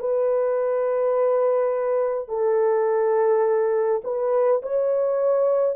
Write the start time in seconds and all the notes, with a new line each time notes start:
0.00 B4
2.29 A4
4.04 B4
4.63 C#5